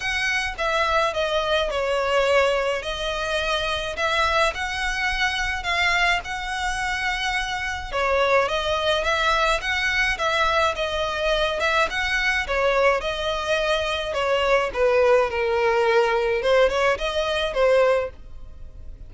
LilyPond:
\new Staff \with { instrumentName = "violin" } { \time 4/4 \tempo 4 = 106 fis''4 e''4 dis''4 cis''4~ | cis''4 dis''2 e''4 | fis''2 f''4 fis''4~ | fis''2 cis''4 dis''4 |
e''4 fis''4 e''4 dis''4~ | dis''8 e''8 fis''4 cis''4 dis''4~ | dis''4 cis''4 b'4 ais'4~ | ais'4 c''8 cis''8 dis''4 c''4 | }